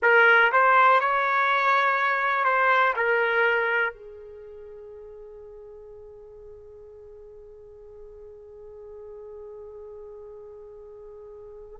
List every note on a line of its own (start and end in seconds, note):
0.02 0.51 A#4
0.52 1.00 C5
1.00 2.44 C#5
2.44 2.93 C5
2.96 3.93 A#4
3.93 11.79 G#4